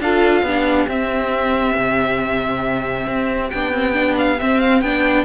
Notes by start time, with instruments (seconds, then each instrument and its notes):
0.00 cello D4, viola F4, violin A4 F5
0.43 cello B3, viola D4, violin G4
0.88 cello C4, viola C4, violin E5
1.77 cello C3
3.07 cello C4
3.50 cello B3, viola D4, violin G5
3.73 viola C4
3.93 viola D4
4.18 violin F5
4.40 cello C4, viola C4, violin E5
4.60 violin F5
4.81 cello B3, viola D4, violin G5